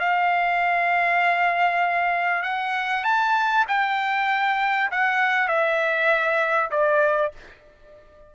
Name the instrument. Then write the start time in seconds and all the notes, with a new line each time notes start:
trumpet
0.00 F5
2.43 F#5
3.04 A5
3.68 G5
4.91 F#5
5.48 E5
6.71 D5